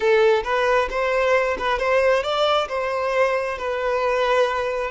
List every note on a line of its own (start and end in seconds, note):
0.00 0.43 A4
0.44 0.88 B4
0.90 1.57 C5
1.58 1.78 B4
1.78 2.23 C5
2.23 2.68 D5
2.68 3.57 C5
3.58 4.91 B4